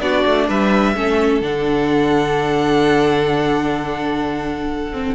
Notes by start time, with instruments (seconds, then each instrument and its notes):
0.00 cello B3, viola D4, violin F#4 D5
0.25 cello A3
0.48 cello G3, violin B4 E5
0.95 cello A3, viola C#4, violin A4
1.41 cello D3, viola D4, violin F#5
4.93 viola C4